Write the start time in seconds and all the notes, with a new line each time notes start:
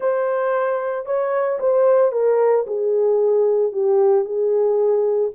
0.00 C5
1.05 C#5
1.59 C5
2.12 A#4
2.66 G#4
3.72 G4
4.24 G#4